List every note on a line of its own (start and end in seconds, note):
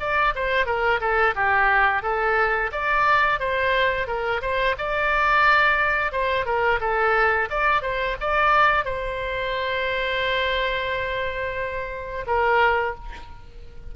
0.00 0.34 D5
0.35 0.66 C5
0.66 1.00 A#4
1.00 1.35 A4
1.35 2.02 G4
2.02 2.71 A4
2.72 3.40 D5
3.40 4.07 C5
4.07 4.41 A#4
4.42 4.76 C5
4.78 6.12 D5
6.12 6.46 C5
6.46 6.80 A#4
6.81 7.49 A4
7.50 7.82 D5
7.82 8.16 C5
8.20 8.85 D5
8.85 12.26 C5
12.27 12.95 A#4